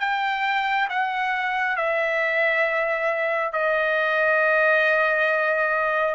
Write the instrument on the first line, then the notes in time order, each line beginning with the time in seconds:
trumpet
0.00 G5
0.89 F#5
1.77 E5
3.53 D#5